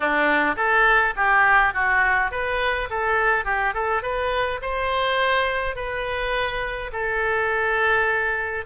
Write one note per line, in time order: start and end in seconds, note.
0.00 0.55 D4
0.56 1.14 A4
1.15 1.73 G4
1.73 2.31 F#4
2.31 2.88 B4
2.90 3.45 A4
3.45 3.73 G4
3.74 4.02 A4
4.02 4.60 B4
4.61 5.75 C5
5.75 6.91 B4
6.92 8.65 A4